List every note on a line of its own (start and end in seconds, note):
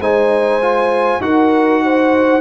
0.00 1.20 G#3
0.00 0.61 D#4
0.00 1.21 C5
0.00 1.22 G#5
0.61 1.21 F4
1.20 2.40 D#4
1.20 2.41 F#4
1.20 1.83 A#4
1.20 2.41 F#5
1.84 2.41 C5